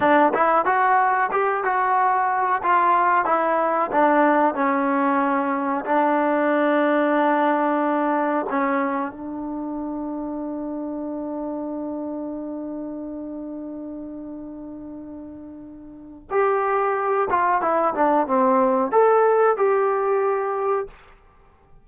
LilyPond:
\new Staff \with { instrumentName = "trombone" } { \time 4/4 \tempo 4 = 92 d'8 e'8 fis'4 g'8 fis'4. | f'4 e'4 d'4 cis'4~ | cis'4 d'2.~ | d'4 cis'4 d'2~ |
d'1~ | d'1~ | d'4 g'4. f'8 e'8 d'8 | c'4 a'4 g'2 | }